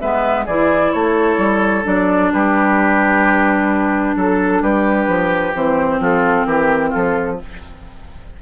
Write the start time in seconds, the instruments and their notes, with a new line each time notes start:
0.00 bassoon G#3, clarinet B3, oboe B4, flute E5
0.45 bassoon E3, clarinet E4, oboe G#4, flute D5
0.92 bassoon A3, oboe A4, flute C#5
1.38 bassoon G3
1.82 bassoon F#3, clarinet D4, flute D5
2.32 bassoon G3, oboe G4, flute B4
4.16 bassoon F#3, oboe A4, flute A4
4.62 bassoon G3, oboe G4, flute B4
5.08 bassoon F3
5.55 bassoon E3, clarinet C4, flute C5
5.99 bassoon F3, oboe F4, flute A4
6.46 bassoon E3, oboe G4, flute A#4
6.90 bassoon F3, oboe F4, flute A4